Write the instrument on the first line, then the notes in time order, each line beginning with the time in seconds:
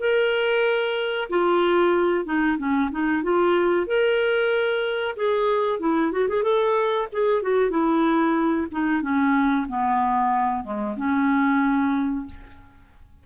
clarinet
0.00 A#4
1.30 F4
2.26 D#4
2.58 C#4
2.91 D#4
3.23 F4
3.87 A#4
5.17 G#4
5.80 E4
6.12 F#4
6.29 G#4
6.44 A4
7.13 G#4
7.43 F#4
7.71 E4
8.72 D#4
9.02 C#4
9.69 B3
10.64 G#3
10.97 C#4